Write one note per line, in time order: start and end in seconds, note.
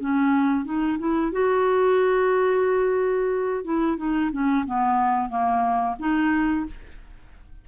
0.00 0.65 C#4
0.65 0.98 D#4
0.99 1.32 E4
1.32 3.65 F#4
3.65 3.97 E4
3.97 4.31 D#4
4.32 4.65 C#4
4.66 5.29 B3
5.29 5.96 A#3
5.99 6.66 D#4